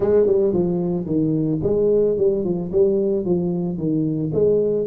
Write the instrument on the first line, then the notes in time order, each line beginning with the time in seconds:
tuba
0.00 G#3
0.26 G3
0.53 F3
1.06 D#3
1.63 G#3
2.17 G3
2.44 F3
2.72 G3
3.25 F3
3.77 D#3
4.33 G#3